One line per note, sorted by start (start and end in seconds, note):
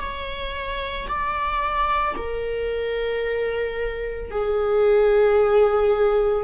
0.00 1.07 C#5
1.08 2.15 D5
2.17 4.31 A#4
4.31 6.44 G#4